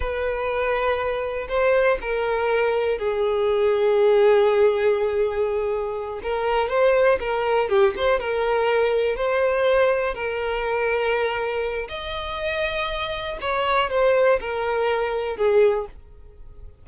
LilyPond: \new Staff \with { instrumentName = "violin" } { \time 4/4 \tempo 4 = 121 b'2. c''4 | ais'2 gis'2~ | gis'1~ | gis'8 ais'4 c''4 ais'4 g'8 |
c''8 ais'2 c''4.~ | c''8 ais'2.~ ais'8 | dis''2. cis''4 | c''4 ais'2 gis'4 | }